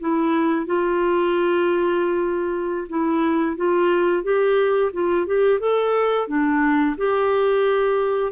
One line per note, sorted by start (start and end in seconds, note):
0.00 0.66 E4
0.66 2.88 F4
2.89 3.56 E4
3.56 4.23 F4
4.23 4.92 G4
4.93 5.27 F4
5.27 5.59 G4
5.59 6.28 A4
6.28 6.96 D4
6.97 8.32 G4